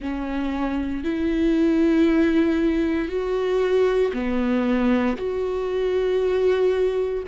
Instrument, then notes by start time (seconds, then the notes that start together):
viola
0.00 C#4
1.03 E4
3.08 F#4
4.13 B3
5.16 F#4